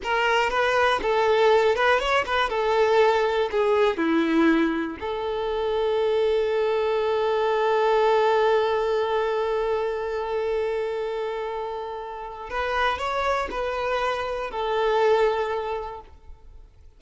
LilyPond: \new Staff \with { instrumentName = "violin" } { \time 4/4 \tempo 4 = 120 ais'4 b'4 a'4. b'8 | cis''8 b'8 a'2 gis'4 | e'2 a'2~ | a'1~ |
a'1~ | a'1~ | a'4 b'4 cis''4 b'4~ | b'4 a'2. | }